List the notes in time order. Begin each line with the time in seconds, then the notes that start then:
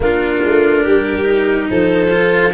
0.00 A#3 D4 F4 A#4
0.44 A3
0.83 G3 G4
1.23 D#4
1.70 F3 A4 C5
2.10 F4